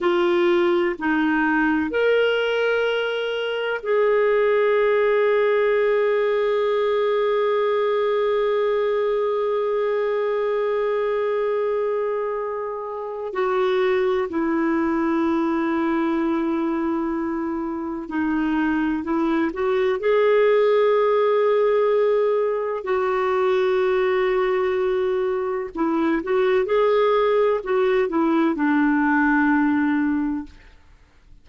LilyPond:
\new Staff \with { instrumentName = "clarinet" } { \time 4/4 \tempo 4 = 63 f'4 dis'4 ais'2 | gis'1~ | gis'1~ | gis'2 fis'4 e'4~ |
e'2. dis'4 | e'8 fis'8 gis'2. | fis'2. e'8 fis'8 | gis'4 fis'8 e'8 d'2 | }